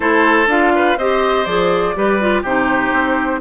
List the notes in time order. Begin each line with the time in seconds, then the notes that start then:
0.00 A3 E4 A4 C5
0.46 D4 F4 F5
0.75 B4
0.97 C4 G4 C5 D#5
1.44 F3 G#4 D5
1.95 G3 G4 B4
2.20 F4
2.42 C3 D#4 G4 C5
2.92 C4